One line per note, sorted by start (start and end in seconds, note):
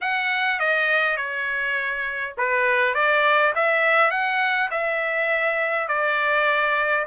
0.01 0.59 F#5
0.59 1.16 D#5
1.16 2.34 C#5
2.37 2.94 B4
2.94 3.53 D5
3.55 4.10 E5
4.10 4.69 F#5
4.70 5.88 E5
5.88 7.05 D5